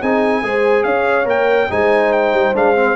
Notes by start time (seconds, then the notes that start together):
0.00 C4 D#4 G#4 G#5
0.42 G#3 G#4 C5
0.83 C#4 C#5 F5
1.24 A#3 A#4 G5
1.70 G#3 D#4 C5 G#5
2.12 G5
2.33 G3
2.54 G#3 D4 F5
2.75 C4